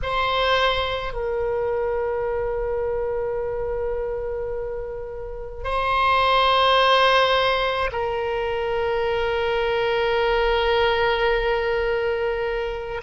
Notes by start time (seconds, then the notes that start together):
0.02 C5
1.13 A#4
5.63 C5
7.91 A#4